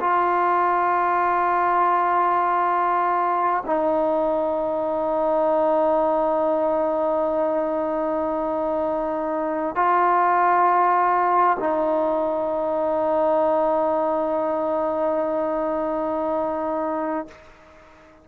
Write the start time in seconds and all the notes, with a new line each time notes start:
0.00 F4
3.66 D#4
9.75 F4
11.60 D#4